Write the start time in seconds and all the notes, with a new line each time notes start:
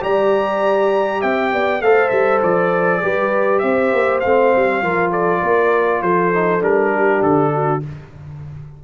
0.00 G3 G4 D5 A#5
1.21 C4 E5 G5
1.53 B3 D5
1.81 A3 A4 C5 F5
2.09 G3 E5
2.43 F3 D5
3.02 G3 G4 B4
3.59 C4 C5 E5
3.93 A#3
4.20 A3 C4 F5
4.56 G3
4.82 F3 F4 A#4
5.11 A4 D5
5.39 A#3 A#4
6.02 F3 A4 C5
6.33 D#4
6.60 G3 D4 A#4
6.92 G4
7.23 D3 A4
7.54 F#4